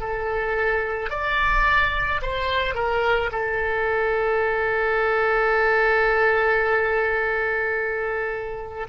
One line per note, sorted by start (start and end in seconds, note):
0.00 1.10 A4
1.10 2.21 D5
2.22 2.75 C5
2.75 3.30 A#4
3.32 8.87 A4